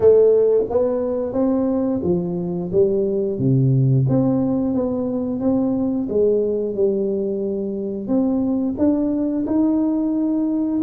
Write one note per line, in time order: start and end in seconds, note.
0.00 0.64 A3
0.69 1.33 B3
1.33 2.00 C4
2.03 2.70 F3
2.72 3.38 G3
3.38 4.05 C3
4.08 4.74 C4
4.74 5.40 B3
5.40 6.07 C4
6.09 6.74 G#3
6.74 8.07 G3
8.07 8.75 C4
8.78 9.45 D4
9.46 10.81 D#4